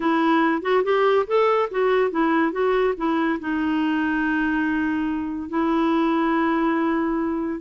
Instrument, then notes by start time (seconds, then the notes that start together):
clarinet
0.00 E4
0.61 F#4
0.83 G4
1.27 A4
1.70 F#4
2.10 E4
2.51 F#4
2.97 E4
3.39 D#4
5.49 E4